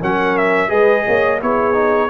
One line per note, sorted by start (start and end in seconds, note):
0.00 0.70 F#3
0.00 0.68 C#4
0.00 0.69 A#4
0.00 0.37 F#5
0.37 0.70 E5
0.68 1.05 G#3
0.68 1.38 G#4
0.68 1.04 B4
0.68 1.40 D#5
1.06 1.42 A#3
1.06 1.41 C#5
1.41 2.10 B3
1.41 1.74 E4
1.41 2.10 G#4
1.41 2.10 C#5
1.74 2.08 D#4